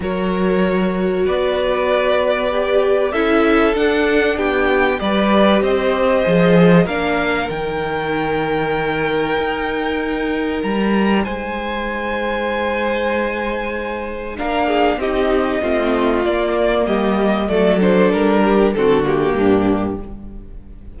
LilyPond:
<<
  \new Staff \with { instrumentName = "violin" } { \time 4/4 \tempo 4 = 96 cis''2 d''2~ | d''4 e''4 fis''4 g''4 | d''4 dis''2 f''4 | g''1~ |
g''4 ais''4 gis''2~ | gis''2. f''4 | dis''2 d''4 dis''4 | d''8 c''8 ais'4 a'8 g'4. | }
  \new Staff \with { instrumentName = "violin" } { \time 4/4 ais'2 b'2~ | b'4 a'2 g'4 | b'4 c''2 ais'4~ | ais'1~ |
ais'2 c''2~ | c''2. ais'8 gis'8 | g'4 f'2 g'4 | a'4. g'8 fis'4 d'4 | }
  \new Staff \with { instrumentName = "viola" } { \time 4/4 fis'1 | g'4 e'4 d'2 | g'2 gis'4 d'4 | dis'1~ |
dis'1~ | dis'2. d'4 | dis'4 c'4 ais2 | a8 d'4. c'8 ais4. | }
  \new Staff \with { instrumentName = "cello" } { \time 4/4 fis2 b2~ | b4 cis'4 d'4 b4 | g4 c'4 f4 ais4 | dis2. dis'4~ |
dis'4 g4 gis2~ | gis2. ais4 | c'4 a4 ais4 g4 | fis4 g4 d4 g,4 | }
>>